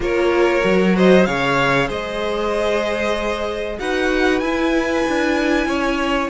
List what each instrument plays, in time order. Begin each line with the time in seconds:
0.00 cello A#3, viola F4, violin A#4 C#5
0.62 cello F#3, viola F#4
0.96 violin C5 D#5
1.25 cello C#3, viola G#4, violin C#5 F5
1.87 cello G#3, violin C5 D#5
3.79 cello D#4, viola F#4, violin B4 F#5
4.39 cello E4, viola E4, violin G#5
5.08 cello D4
5.66 cello C#4, violin C#5